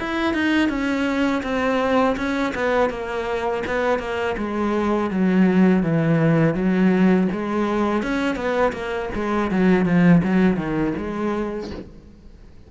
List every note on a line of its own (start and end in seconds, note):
0.00 0.35 E4
0.35 0.70 D#4
0.70 1.43 C#4
1.44 2.17 C4
2.17 2.54 C#4
2.55 2.90 B3
2.90 3.64 A#3
3.67 4.00 B3
4.00 4.36 A#3
4.38 5.11 G#3
5.11 5.84 F#3
5.84 6.55 E3
6.55 7.28 F#3
7.33 8.03 G#3
8.03 8.36 C#4
8.36 8.73 B3
8.73 9.10 A#3
9.15 9.52 G#3
9.52 9.86 F#3
9.86 10.22 F3
10.24 10.57 F#3
10.57 10.94 D#3
10.98 11.71 G#3